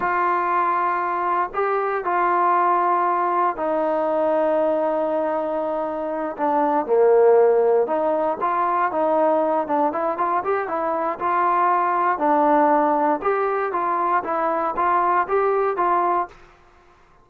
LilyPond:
\new Staff \with { instrumentName = "trombone" } { \time 4/4 \tempo 4 = 118 f'2. g'4 | f'2. dis'4~ | dis'1~ | dis'8 d'4 ais2 dis'8~ |
dis'8 f'4 dis'4. d'8 e'8 | f'8 g'8 e'4 f'2 | d'2 g'4 f'4 | e'4 f'4 g'4 f'4 | }